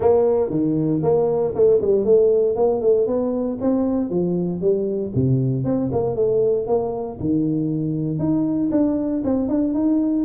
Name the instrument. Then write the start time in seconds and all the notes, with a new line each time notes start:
tuba
0.00 A#3
0.50 D#3
1.03 A#3
1.54 A3
1.81 G3
2.04 A3
2.55 A#3
2.81 A3
3.07 B3
3.60 C4
4.09 F3
4.61 G3
5.14 C3
5.64 C4
5.92 A#3
6.15 A3
6.67 A#3
7.19 D#3
8.18 D#4
8.71 D4
9.24 C4
9.48 D4
9.74 D#4